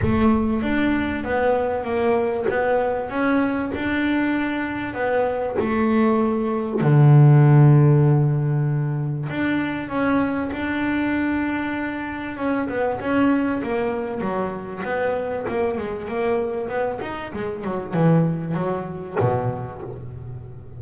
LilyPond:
\new Staff \with { instrumentName = "double bass" } { \time 4/4 \tempo 4 = 97 a4 d'4 b4 ais4 | b4 cis'4 d'2 | b4 a2 d4~ | d2. d'4 |
cis'4 d'2. | cis'8 b8 cis'4 ais4 fis4 | b4 ais8 gis8 ais4 b8 dis'8 | gis8 fis8 e4 fis4 b,4 | }